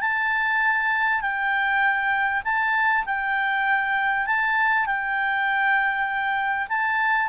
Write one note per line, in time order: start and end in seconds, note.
0.00 1.21 A5
1.21 2.42 G5
2.44 3.05 A5
3.05 4.26 G5
4.26 4.86 A5
4.86 6.67 G5
6.68 7.29 A5